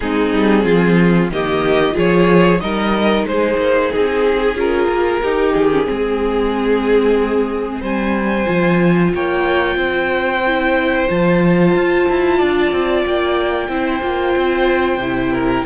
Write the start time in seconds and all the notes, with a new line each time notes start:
0.00 G#3 C4 D#4 G#4
0.32 G3
0.64 F3 F4
1.30 D#3 A#3 G4 D#5
1.91 F3 F4 G#4
1.98 C#5
2.60 G3 D#4 A#4 D#5
3.24 G#3 G#4 C5
3.57 A#3
3.91 C4 G#4
4.55 C#4 F4 A#4
4.88 A#3
5.21 D#4 G4
5.52 D#3 G#4
5.71 C#4
5.84 G#3 C4 G#4
7.80 G3 C5 G#5
8.45 F3 F4
9.14 A#3 C#5 G5
9.76 C4 C5
10.46 E4
11.09 F3 F4 A5
11.75 F4
12.09 E4
12.37 D4 D5
12.71 C4
13.05 A#3 G5
13.68 C4 E4 C5
14.02 A#3 F4
14.36 C4
14.97 C3 E4
15.32 A#4